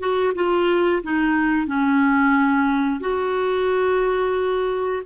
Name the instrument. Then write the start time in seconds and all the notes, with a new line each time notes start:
clarinet
0.00 F#4
0.35 F4
1.04 D#4
1.67 C#4
3.01 F#4